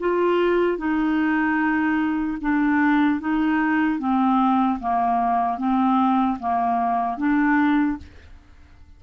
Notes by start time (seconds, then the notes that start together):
0.00 F4
0.78 D#4
2.41 D4
3.20 D#4
3.99 C4
4.80 A#3
5.58 C4
6.40 A#3
7.18 D4